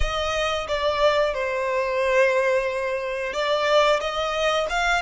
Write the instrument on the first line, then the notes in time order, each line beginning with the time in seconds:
violin
0.00 D#5
0.68 D5
1.34 C5
3.33 D5
4.00 D#5
4.69 F5